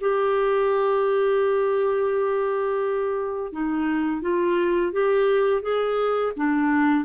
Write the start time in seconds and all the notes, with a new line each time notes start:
0.00 G4
3.52 D#4
4.21 F4
4.92 G4
5.61 G#4
6.36 D4